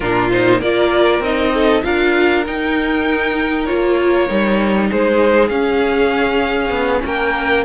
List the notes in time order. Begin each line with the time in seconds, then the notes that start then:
0.00 A#2 D4 F4 A#4
0.30 D#4 C5
0.60 A#3 F4 A#4 D5
1.19 C4 D#4 D#5
1.54 A4
1.82 D4 F4 A#4 F5
2.46 D#4 G5
3.65 A#3 F4 C#5
4.27 G3 D#4
4.88 G#3 G#4 C5
5.48 C#4 F5
6.70 B3
7.05 A#3 A#4 G5